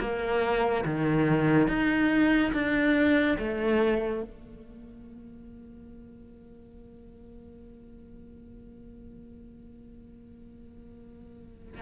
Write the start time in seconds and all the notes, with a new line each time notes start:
0.00 A#3
0.85 D#3
1.68 D#4
2.54 D4
3.39 A3
4.23 A#3